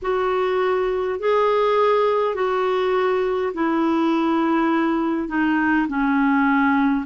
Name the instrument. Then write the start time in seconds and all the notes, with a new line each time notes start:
clarinet
0.02 F#4
1.19 G#4
2.35 F#4
3.53 E4
5.28 D#4
5.88 C#4